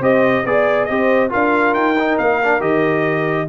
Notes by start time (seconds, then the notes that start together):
0.00 C4 G4 C5 D#5
0.45 B3 G#4 D5
0.85 C4 G4 C5 D#5
1.30 D4 F4 A#4 F5
1.74 D#4 G5
1.99 D#4
2.18 A#3 F5
2.43 D4
2.60 D#3 G4 D#5